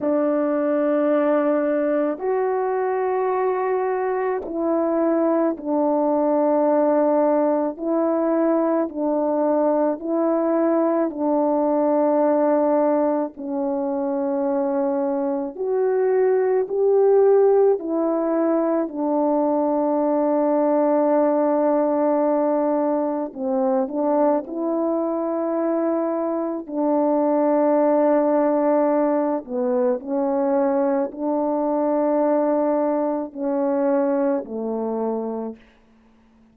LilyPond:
\new Staff \with { instrumentName = "horn" } { \time 4/4 \tempo 4 = 54 d'2 fis'2 | e'4 d'2 e'4 | d'4 e'4 d'2 | cis'2 fis'4 g'4 |
e'4 d'2.~ | d'4 c'8 d'8 e'2 | d'2~ d'8 b8 cis'4 | d'2 cis'4 a4 | }